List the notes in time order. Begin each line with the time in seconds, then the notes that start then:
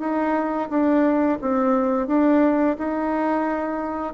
0.00 D#4
0.70 D4
1.41 C4
2.08 D4
2.78 D#4